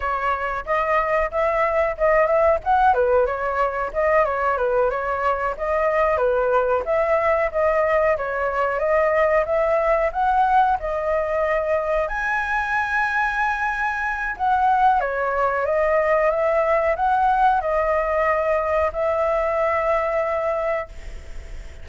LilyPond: \new Staff \with { instrumentName = "flute" } { \time 4/4 \tempo 4 = 92 cis''4 dis''4 e''4 dis''8 e''8 | fis''8 b'8 cis''4 dis''8 cis''8 b'8 cis''8~ | cis''8 dis''4 b'4 e''4 dis''8~ | dis''8 cis''4 dis''4 e''4 fis''8~ |
fis''8 dis''2 gis''4.~ | gis''2 fis''4 cis''4 | dis''4 e''4 fis''4 dis''4~ | dis''4 e''2. | }